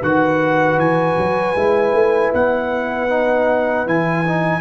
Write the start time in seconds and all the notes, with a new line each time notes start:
0.00 D#3 F#4 B4 F#5
0.78 E3 G#5
1.17 F#3
1.56 G#3 E4
1.93 A3
2.34 B3 F#5
3.10 D#4
3.87 E3 E4 G#5
4.26 D#4